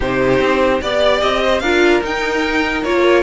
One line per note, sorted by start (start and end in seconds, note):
0.00 0.40 C3
0.00 0.82 D#4
0.00 0.81 G4
0.00 0.82 C5
0.40 0.80 C4
0.81 1.22 B3
0.81 1.63 G4
0.81 1.21 D5
0.81 1.43 D5
1.21 1.61 C4
1.21 1.59 D#5
1.43 1.62 C5
1.59 2.01 D4
1.59 2.02 F4
1.59 3.22 A#4
1.59 2.00 F5
2.02 2.83 D#4
2.02 2.84 D#4
2.02 2.83 G5
2.83 3.22 A#3
2.83 3.22 F4
2.83 3.22 C#5